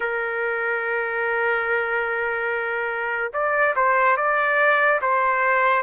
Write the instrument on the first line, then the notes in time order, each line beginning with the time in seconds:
trumpet
0.00 A#4
3.33 D5
3.76 C5
4.17 D5
5.02 C5